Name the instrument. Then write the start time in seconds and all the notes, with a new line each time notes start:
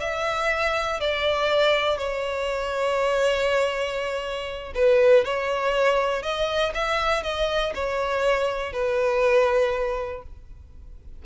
violin
0.00 E5
1.00 D5
1.98 C#5
4.75 B4
5.25 C#5
6.22 D#5
6.74 E5
7.23 D#5
7.75 C#5
8.72 B4